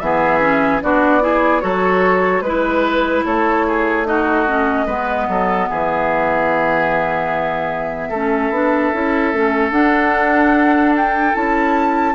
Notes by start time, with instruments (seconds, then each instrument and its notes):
0.00 bassoon E3, clarinet B3, oboe G#4, flute E5
0.40 clarinet C#4
0.82 bassoon B3, clarinet D4, oboe F#4, flute D5
1.21 clarinet E4, oboe G#4
1.61 bassoon F#3, clarinet F#4, oboe A4, flute C#5
2.42 bassoon G#3, clarinet E4, flute B4, oboe B4
3.25 bassoon A3, oboe A4, flute C#5
3.67 oboe G#4
4.06 clarinet D#4, oboe F#4, flute D#5
4.47 clarinet C#4
4.86 bassoon G#3, clarinet B3, oboe B4
5.28 bassoon F#3, oboe A4
5.69 bassoon E3, oboe G#4, flute E5
8.09 bassoon A3, clarinet C#4, oboe A4
8.50 bassoon B3, clarinet D4
8.94 bassoon C#4, clarinet E4
9.33 bassoon A3, clarinet C#4
9.71 bassoon D4, clarinet D4, flute F#5
10.97 flute G5
11.33 bassoon C#4, clarinet E4, flute A5